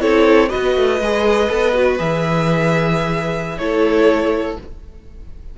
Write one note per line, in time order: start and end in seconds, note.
0.00 0.51 C4
0.00 0.49 E4
0.00 0.49 A4
0.00 0.49 C#5
0.49 0.76 B3
0.49 0.99 F#4
0.49 3.57 B4
0.49 1.97 D#5
0.76 1.00 A3
1.00 1.49 G#3
1.00 1.49 G#4
1.49 1.99 B3
1.49 1.73 A4
1.73 1.98 F#4
1.98 3.59 E3
1.98 3.58 G#4
1.98 3.58 E5
3.58 4.57 A3
3.58 4.58 E4
3.58 4.58 A4
3.58 4.56 C#5